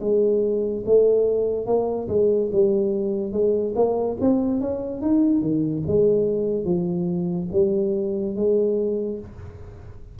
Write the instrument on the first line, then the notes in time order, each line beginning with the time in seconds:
tuba
0.00 G#3
0.85 A3
1.66 A#3
2.08 G#3
2.52 G3
3.32 G#3
3.75 A#3
4.20 C4
4.61 C#4
5.01 D#4
5.41 D#3
5.86 G#3
6.64 F3
7.52 G3
8.35 G#3